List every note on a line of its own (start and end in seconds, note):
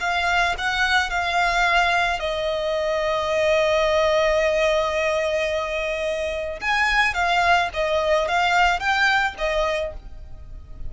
0.00 0.55 F5
0.58 1.10 F#5
1.10 2.19 F5
2.19 6.60 D#5
6.61 7.14 G#5
7.14 7.69 F5
7.73 8.28 D#5
8.28 8.80 F5
8.80 9.35 G5
9.38 9.93 D#5